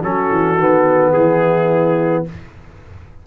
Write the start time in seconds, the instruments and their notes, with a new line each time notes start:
0.00 tuba F#3, trombone C#4, horn F#4, trumpet A4
0.31 tuba E3
0.58 tuba D#3, trombone B3
1.12 tuba E3, horn E4, trumpet G#4